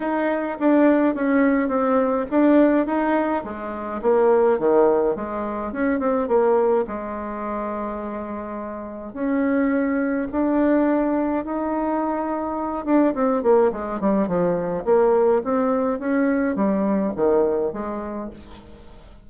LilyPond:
\new Staff \with { instrumentName = "bassoon" } { \time 4/4 \tempo 4 = 105 dis'4 d'4 cis'4 c'4 | d'4 dis'4 gis4 ais4 | dis4 gis4 cis'8 c'8 ais4 | gis1 |
cis'2 d'2 | dis'2~ dis'8 d'8 c'8 ais8 | gis8 g8 f4 ais4 c'4 | cis'4 g4 dis4 gis4 | }